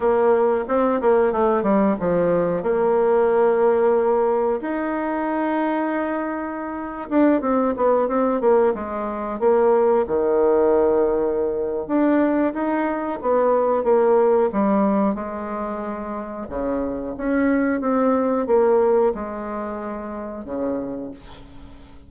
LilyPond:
\new Staff \with { instrumentName = "bassoon" } { \time 4/4 \tempo 4 = 91 ais4 c'8 ais8 a8 g8 f4 | ais2. dis'4~ | dis'2~ dis'8. d'8 c'8 b16~ | b16 c'8 ais8 gis4 ais4 dis8.~ |
dis2 d'4 dis'4 | b4 ais4 g4 gis4~ | gis4 cis4 cis'4 c'4 | ais4 gis2 cis4 | }